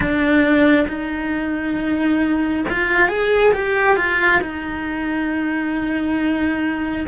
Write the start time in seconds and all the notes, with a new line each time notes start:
0.00 D4
0.88 D#4
2.69 F4
3.08 G#4
3.53 G4
3.96 F4
4.41 D#4